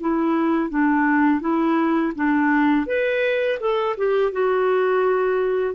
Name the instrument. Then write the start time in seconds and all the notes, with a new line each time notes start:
clarinet
0.00 E4
0.70 D4
1.40 E4
2.15 D4
2.87 B4
3.60 A4
3.97 G4
4.32 F#4